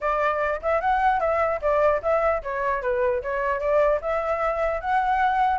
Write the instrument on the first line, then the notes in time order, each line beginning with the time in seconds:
flute
0.01 D5
0.61 E5
0.81 F#5
1.20 E5
1.61 D5
2.02 E5
2.43 C#5
2.81 B4
3.22 C#5
3.60 D5
4.01 E5
4.80 F#5